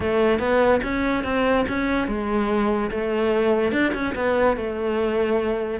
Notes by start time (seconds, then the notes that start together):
0.00 A3
0.39 B3
0.83 C#4
1.24 C4
1.68 C#4
2.07 G#3
2.90 A3
3.71 D4
3.93 C#4
4.15 B3
4.56 A3